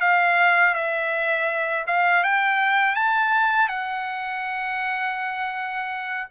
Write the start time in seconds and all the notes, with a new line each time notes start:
0.00 F5
0.74 E5
1.87 F5
2.23 G5
2.95 A5
3.68 F#5